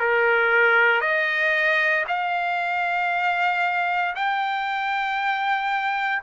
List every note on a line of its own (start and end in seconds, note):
0.00 1.01 A#4
1.01 2.05 D#5
2.08 4.15 F5
4.16 6.23 G5